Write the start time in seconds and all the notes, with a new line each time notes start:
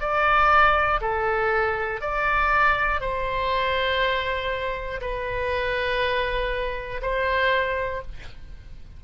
0.00 D5
1.01 A4
2.01 D5
3.00 C5
5.01 B4
7.01 C5